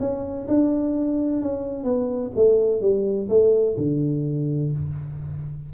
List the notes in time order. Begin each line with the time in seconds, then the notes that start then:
0.00 C#4
0.48 D4
1.42 C#4
1.84 B3
2.35 A3
2.81 G3
3.29 A3
3.78 D3